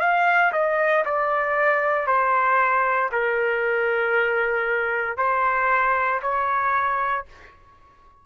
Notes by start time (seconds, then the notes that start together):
0.00 F5
0.52 D#5
1.05 D5
2.06 C5
3.12 A#4
5.17 C5
6.22 C#5